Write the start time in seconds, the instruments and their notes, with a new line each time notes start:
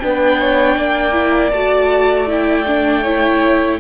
0.00 cello B3, viola D4, violin B4 G5
0.40 violin C#5
0.77 cello A#3, violin D5
1.12 viola E4
1.51 cello A3, viola F#4, violin A5
2.27 viola E4, violin G5
2.67 viola D4
3.03 viola E4, violin C#5